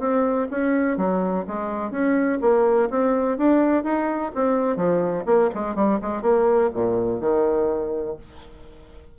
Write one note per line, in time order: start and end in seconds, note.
0.00 0.48 C4
0.51 0.98 C#4
0.98 1.46 F#3
1.48 1.91 G#3
1.91 2.39 C#4
2.42 2.90 A#3
2.90 3.38 C4
3.38 3.84 D4
3.84 4.32 D#4
4.35 4.77 C4
4.77 5.25 F3
5.26 5.50 A#3
5.55 5.76 G#3
5.76 6.00 G3
6.02 6.22 G#3
6.22 6.70 A#3
6.74 7.21 A#2
7.21 8.17 D#3